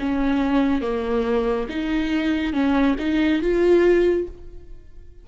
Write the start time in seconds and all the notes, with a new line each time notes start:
0.00 C#4
0.82 A#3
1.69 D#4
2.53 C#4
2.99 D#4
3.42 F4